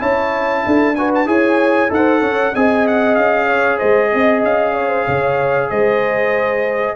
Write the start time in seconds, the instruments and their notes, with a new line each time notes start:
0.00 tuba C#4, trombone E4, horn C#5, trumpet A5
0.66 tuba D4, horn A4
0.96 trombone F#4, horn B4, trumpet G#5
1.15 trumpet A5
1.26 tuba E4, trombone G#4, horn C#5, trumpet G#5
1.89 tuba D#4, trombone A4, trumpet F#5
1.96 horn C5
2.21 tuba C#4, horn C#5
2.53 tuba C4, trombone G#4, horn D#5, trumpet G#5
2.87 trumpet F#5
3.15 tuba C#4, trumpet F5
3.47 horn C#5
3.78 tuba G#3, horn C5, trumpet D#5
4.13 tuba C4, horn D#5
4.43 tuba C#4, trumpet F5
4.74 horn C#5
4.89 horn C5
5.06 tuba C#3, horn C#5
5.70 tuba G#3, horn C5, trumpet D#5